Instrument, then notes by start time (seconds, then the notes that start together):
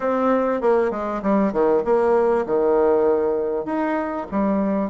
bassoon
0.00 C4
0.61 A#3
0.90 G#3
1.22 G3
1.53 D#3
1.84 A#3
2.46 D#3
3.65 D#4
4.31 G3